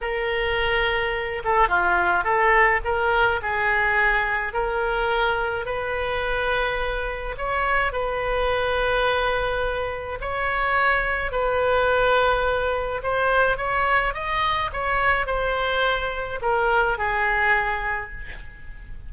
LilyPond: \new Staff \with { instrumentName = "oboe" } { \time 4/4 \tempo 4 = 106 ais'2~ ais'8 a'8 f'4 | a'4 ais'4 gis'2 | ais'2 b'2~ | b'4 cis''4 b'2~ |
b'2 cis''2 | b'2. c''4 | cis''4 dis''4 cis''4 c''4~ | c''4 ais'4 gis'2 | }